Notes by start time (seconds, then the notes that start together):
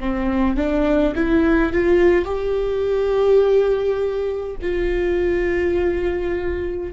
0.00 C4
0.57 D4
1.15 E4
1.73 F4
2.26 G4
4.62 F4